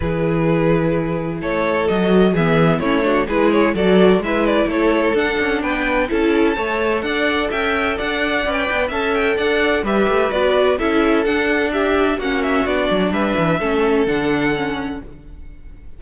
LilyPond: <<
  \new Staff \with { instrumentName = "violin" } { \time 4/4 \tempo 4 = 128 b'2. cis''4 | dis''4 e''4 cis''4 b'8 cis''8 | d''4 e''8 d''8 cis''4 fis''4 | g''4 a''2 fis''4 |
g''4 fis''4~ fis''16 g''8. a''8 g''8 | fis''4 e''4 d''4 e''4 | fis''4 e''4 fis''8 e''8 d''4 | e''2 fis''2 | }
  \new Staff \with { instrumentName = "violin" } { \time 4/4 gis'2. a'4~ | a'4 gis'4 e'8 fis'8 gis'4 | a'4 b'4 a'2 | b'4 a'4 cis''4 d''4 |
e''4 d''2 e''4 | d''4 b'2 a'4~ | a'4 g'4 fis'2 | b'4 a'2. | }
  \new Staff \with { instrumentName = "viola" } { \time 4/4 e'1 | fis'4 b4 cis'8 d'8 e'4 | fis'4 e'2 d'4~ | d'4 e'4 a'2~ |
a'2 b'4 a'4~ | a'4 g'4 fis'4 e'4 | d'2 cis'4 d'4~ | d'4 cis'4 d'4 cis'4 | }
  \new Staff \with { instrumentName = "cello" } { \time 4/4 e2. a4 | fis4 e4 a4 gis4 | fis4 gis4 a4 d'8 cis'8 | b4 cis'4 a4 d'4 |
cis'4 d'4 cis'8 b8 cis'4 | d'4 g8 a8 b4 cis'4 | d'2 ais4 b8 fis8 | g8 e8 a4 d2 | }
>>